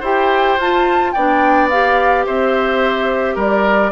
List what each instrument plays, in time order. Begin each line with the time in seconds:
0.00 bassoon E4, clarinet G4, oboe C5, flute G5
0.58 bassoon F4, clarinet F4, flute A5
1.12 bassoon B3, clarinet D4, oboe D5, flute G5
1.70 clarinet G4, flute F5
2.26 bassoon C4, oboe C5, flute E5
3.35 bassoon G3, oboe A#4, flute D5